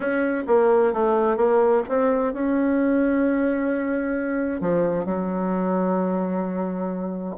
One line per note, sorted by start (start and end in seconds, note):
0.00 0.43 C#4
0.47 0.93 A#3
0.93 1.36 A3
1.36 1.83 A#3
1.89 2.33 C4
2.33 4.60 C#4
4.60 5.05 F3
5.05 7.36 F#3